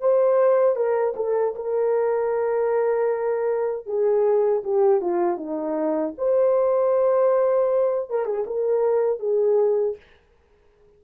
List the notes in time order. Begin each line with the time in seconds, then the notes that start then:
0.00 C5
0.76 A#4
1.16 A4
1.55 A#4
3.86 G#4
4.64 G4
5.01 F4
5.37 D#4
6.17 C5
8.10 A#4
8.25 G#4
8.46 A#4
9.19 G#4